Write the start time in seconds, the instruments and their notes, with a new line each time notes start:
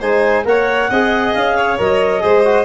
0.00 tuba G#3, trombone D#4, violin C5, clarinet G#5
0.45 tuba A#3, trombone A#4, violin C#5, clarinet F#5
0.90 tuba C4, trombone G#4, violin D#5
1.33 tuba C#4, clarinet F5
1.56 violin C#5
1.78 tuba F#3, trombone A#4, clarinet D#5
2.20 tuba G#3, trombone G#4, violin C5
2.44 trombone F#4